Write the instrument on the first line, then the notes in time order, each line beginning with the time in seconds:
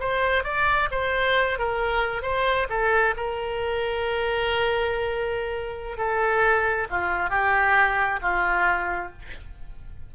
oboe
0.00 C5
0.44 D5
0.91 C5
1.59 A#4
2.22 C5
2.69 A4
3.17 A#4
5.97 A4
6.90 F4
7.30 G4
8.22 F4